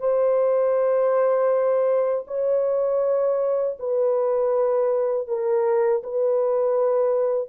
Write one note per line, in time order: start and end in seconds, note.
0.00 2.25 C5
2.27 3.77 C#5
3.80 5.28 B4
5.28 6.03 A#4
6.04 7.49 B4